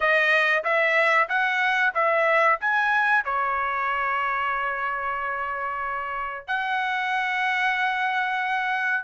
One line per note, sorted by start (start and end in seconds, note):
0.00 0.63 D#5
0.64 1.28 E5
1.28 1.93 F#5
1.94 2.59 E5
2.60 3.24 G#5
3.25 6.47 C#5
6.47 9.04 F#5